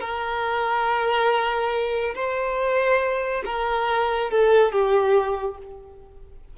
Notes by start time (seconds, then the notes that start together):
0.00 A#4
2.15 C5
3.45 A#4
4.31 A4
4.72 G4